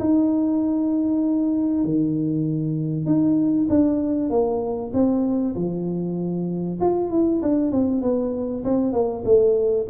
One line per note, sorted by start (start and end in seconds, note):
0.00 1.84 D#4
1.84 3.06 D#3
3.06 3.68 D#4
3.70 4.30 D4
4.30 4.92 A#3
4.93 5.55 C4
5.56 6.79 F3
6.81 7.10 F4
7.10 7.41 E4
7.42 7.72 D4
7.72 8.02 C4
8.02 8.64 B3
8.64 8.93 C4
8.93 9.24 A#3
9.25 9.87 A3